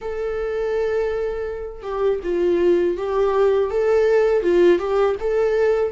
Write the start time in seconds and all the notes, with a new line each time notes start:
0.01 A4
1.82 G4
2.23 F4
2.97 G4
3.70 A4
4.42 F4
4.78 G4
5.20 A4